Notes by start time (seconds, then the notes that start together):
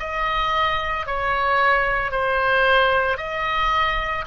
0.00 D#5
1.07 C#5
2.12 C5
3.18 D#5